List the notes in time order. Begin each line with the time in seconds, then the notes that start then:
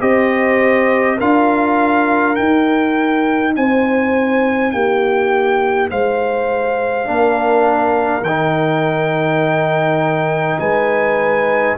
0.00 C4 G4 C5 D#5
1.17 D4 F4 A#4 F5
2.36 D#4 G5
3.56 C4 C5 G#5
4.72 A#3 G4 G5
5.90 G#3 C5 F5
7.04 A#3 D4 A#4
8.22 D#3 D#4 G5
10.59 G#3 B4 G#5